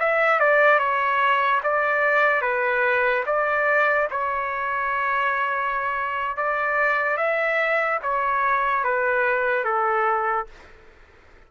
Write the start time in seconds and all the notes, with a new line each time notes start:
0.00 E5
0.40 D5
0.79 C#5
1.63 D5
2.42 B4
3.27 D5
4.11 C#5
6.37 D5
7.18 E5
8.03 C#5
8.84 B4
9.65 A4